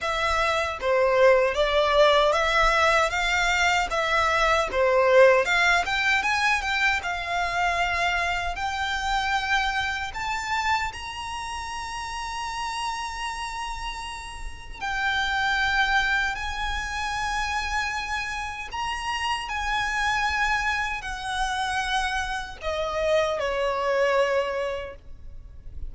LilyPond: \new Staff \with { instrumentName = "violin" } { \time 4/4 \tempo 4 = 77 e''4 c''4 d''4 e''4 | f''4 e''4 c''4 f''8 g''8 | gis''8 g''8 f''2 g''4~ | g''4 a''4 ais''2~ |
ais''2. g''4~ | g''4 gis''2. | ais''4 gis''2 fis''4~ | fis''4 dis''4 cis''2 | }